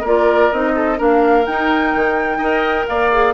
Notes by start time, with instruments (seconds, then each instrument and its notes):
0.00 bassoon A#3, clarinet F4, oboe A#4, flute D5
0.52 bassoon C4, clarinet D#4, flute D#5
0.75 oboe A4
0.96 bassoon A#3, clarinet D4, oboe A#4, flute F5
1.45 bassoon D#4, clarinet D#4, flute G5
1.94 bassoon D#3
2.37 bassoon D#4, clarinet A#4, oboe D#5
2.87 bassoon A#3, oboe D5, flute F5
3.11 clarinet G#4